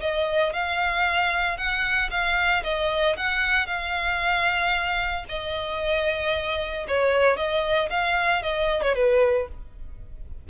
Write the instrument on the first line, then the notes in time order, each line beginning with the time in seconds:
violin
0.00 D#5
0.53 F5
1.57 F#5
2.10 F5
2.63 D#5
3.16 F#5
3.66 F5
5.28 D#5
6.87 C#5
7.36 D#5
7.89 F5
8.43 D#5
8.82 C#5
8.95 B4